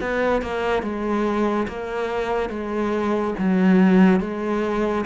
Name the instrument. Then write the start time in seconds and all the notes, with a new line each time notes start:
cello
0.00 B3
0.41 A#3
0.82 G#3
1.67 A#3
2.49 G#3
3.38 F#3
4.20 G#3